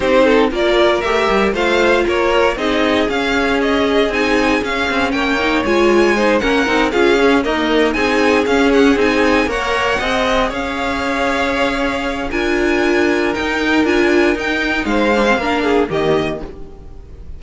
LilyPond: <<
  \new Staff \with { instrumentName = "violin" } { \time 4/4 \tempo 4 = 117 c''4 d''4 e''4 f''4 | cis''4 dis''4 f''4 dis''4 | gis''4 f''4 g''4 gis''4~ | gis''8 fis''4 f''4 dis''4 gis''8~ |
gis''8 f''8 fis''8 gis''4 fis''4.~ | fis''8 f''2.~ f''8 | gis''2 g''4 gis''4 | g''4 f''2 dis''4 | }
  \new Staff \with { instrumentName = "violin" } { \time 4/4 g'8 a'8 ais'2 c''4 | ais'4 gis'2.~ | gis'2 cis''2 | c''8 ais'4 gis'4 ais'4 gis'8~ |
gis'2~ gis'8 cis''4 dis''8~ | dis''8 cis''2.~ cis''8 | ais'1~ | ais'4 c''4 ais'8 gis'8 g'4 | }
  \new Staff \with { instrumentName = "viola" } { \time 4/4 dis'4 f'4 g'4 f'4~ | f'4 dis'4 cis'2 | dis'4 cis'4. dis'8 f'4 | dis'8 cis'8 dis'8 f'8 cis'8 ais4 dis'8~ |
dis'8 cis'4 dis'4 ais'4 gis'8~ | gis'1 | f'2 dis'4 f'4 | dis'4. d'16 c'16 d'4 ais4 | }
  \new Staff \with { instrumentName = "cello" } { \time 4/4 c'4 ais4 a8 g8 a4 | ais4 c'4 cis'2 | c'4 cis'8 c'8 ais4 gis4~ | gis8 ais8 c'8 cis'4 dis'4 c'8~ |
c'8 cis'4 c'4 ais4 c'8~ | c'8 cis'2.~ cis'8 | d'2 dis'4 d'4 | dis'4 gis4 ais4 dis4 | }
>>